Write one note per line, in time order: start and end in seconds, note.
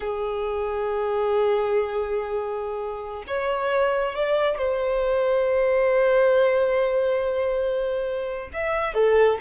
0.00 3.24 G#4
3.27 4.15 C#5
4.15 4.58 D5
4.58 8.49 C5
8.53 8.94 E5
8.94 9.38 A4